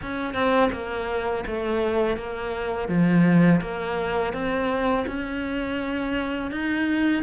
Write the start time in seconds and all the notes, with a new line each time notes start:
0.02 C#4
0.34 C4
0.72 A#3
1.46 A3
2.17 A#3
2.88 F3
3.61 A#3
4.33 C4
5.07 C#4
6.51 D#4